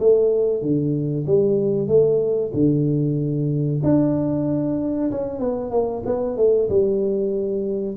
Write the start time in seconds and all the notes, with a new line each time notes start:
0.00 A3
0.62 D3
1.27 G3
1.88 A3
2.54 D3
3.84 D4
5.12 C#4
5.40 B3
5.71 A#3
6.06 B3
6.37 A3
6.69 G3